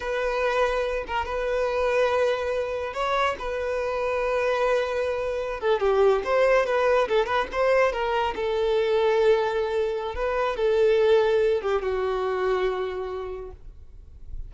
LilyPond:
\new Staff \with { instrumentName = "violin" } { \time 4/4 \tempo 4 = 142 b'2~ b'8 ais'8 b'4~ | b'2. cis''4 | b'1~ | b'4~ b'16 a'8 g'4 c''4 b'16~ |
b'8. a'8 b'8 c''4 ais'4 a'16~ | a'1 | b'4 a'2~ a'8 g'8 | fis'1 | }